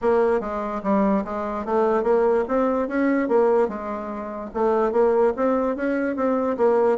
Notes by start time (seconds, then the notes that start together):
0.01 A#3
0.40 G#3
0.83 G3
1.24 G#3
1.65 A3
2.03 A#3
2.48 C4
2.88 C#4
3.28 A#3
3.68 G#3
4.54 A3
4.92 A#3
5.36 C4
5.76 C#4
6.16 C4
6.57 A#3